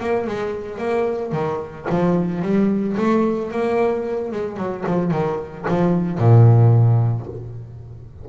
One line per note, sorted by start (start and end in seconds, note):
0.00 0.27 A#3
0.27 0.78 G#3
0.78 1.32 A#3
1.32 1.86 D#3
1.90 2.42 F3
2.42 2.96 G3
2.97 3.51 A3
3.51 4.32 A#3
4.32 4.57 G#3
4.57 4.84 F#3
4.86 5.11 F3
5.11 5.65 D#3
5.68 6.18 F3
6.18 7.27 A#2